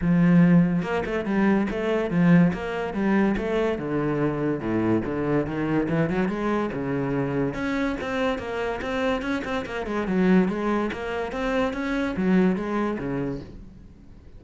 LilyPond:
\new Staff \with { instrumentName = "cello" } { \time 4/4 \tempo 4 = 143 f2 ais8 a8 g4 | a4 f4 ais4 g4 | a4 d2 a,4 | d4 dis4 e8 fis8 gis4 |
cis2 cis'4 c'4 | ais4 c'4 cis'8 c'8 ais8 gis8 | fis4 gis4 ais4 c'4 | cis'4 fis4 gis4 cis4 | }